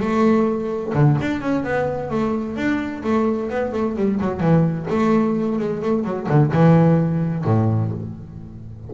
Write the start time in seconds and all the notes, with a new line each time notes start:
0.00 A3
0.94 D3
1.21 D4
1.41 C#4
1.64 B3
2.10 A3
2.56 D4
3.04 A3
3.50 B3
3.73 A3
3.97 G3
4.21 F#3
4.40 E3
4.90 A3
5.59 G#3
5.83 A3
6.04 F#3
6.29 D3
6.52 E3
7.45 A2